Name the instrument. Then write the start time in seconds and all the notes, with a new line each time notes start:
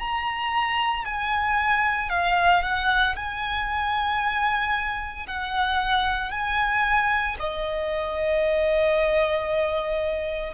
violin
0.00 A#5
1.06 G#5
2.10 F5
2.63 F#5
3.16 G#5
5.27 F#5
6.31 G#5
7.40 D#5